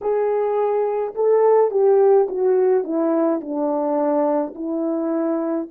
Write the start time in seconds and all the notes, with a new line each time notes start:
0.01 G#4
1.14 A4
1.70 G4
2.28 F#4
2.84 E4
3.40 D4
4.54 E4